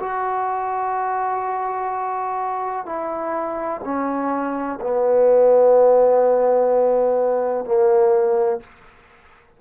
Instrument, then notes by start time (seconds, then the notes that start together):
trombone
0.00 F#4
2.86 E4
3.84 C#4
4.81 B3
7.65 A#3